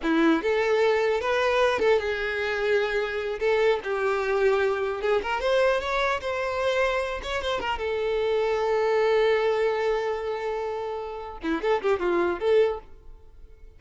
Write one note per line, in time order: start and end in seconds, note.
0.02 0.42 E4
0.42 1.20 A4
1.20 1.79 B4
1.79 1.99 A4
1.99 3.39 G#4
3.39 3.79 A4
3.83 5.01 G4
5.01 5.21 G#4
5.22 5.40 A#4
5.40 5.80 C5
5.80 6.20 C#5
6.21 7.21 C5
7.22 7.42 C#5
7.42 7.60 C5
7.60 7.78 A#4
7.78 11.38 A4
11.42 11.61 E4
11.61 11.81 A4
11.82 11.99 G4
11.99 12.39 F4
12.39 12.79 A4